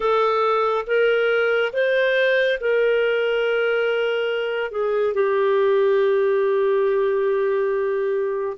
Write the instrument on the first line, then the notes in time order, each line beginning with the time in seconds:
clarinet
0.00 A4
0.86 A#4
1.73 C5
2.60 A#4
4.71 G#4
5.14 G4